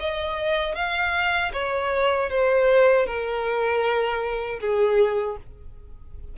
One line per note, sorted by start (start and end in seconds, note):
0.00 0.75 D#5
0.75 1.52 F5
1.53 2.30 C#5
2.30 3.06 C5
3.06 4.60 A#4
4.60 5.37 G#4